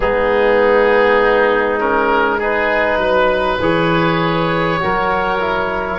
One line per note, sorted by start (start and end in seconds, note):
0.00 2.97 G#3
0.00 1.79 B3
0.00 2.38 D#4
0.00 1.79 G#4
1.79 2.39 C#4
1.79 2.40 A#4
2.38 3.59 D#4
2.38 2.98 G#4
2.38 3.62 B4
2.97 3.57 F#3
2.97 4.80 B4
3.59 4.79 E3
3.59 4.80 G#4
3.59 5.99 C#5
4.80 5.99 F#3
4.80 5.40 F#4
4.80 5.99 A#4
5.40 5.99 E4